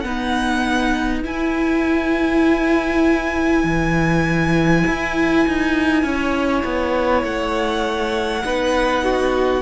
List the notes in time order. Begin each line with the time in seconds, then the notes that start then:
0.00 B3 D#4 B4 F#5
1.24 E4 G#5
3.64 E3
4.87 E4
5.48 D#4
6.03 C#4 C#5
6.65 B3
7.24 A3 F#5
8.43 B3 D#4 B4
9.04 F#4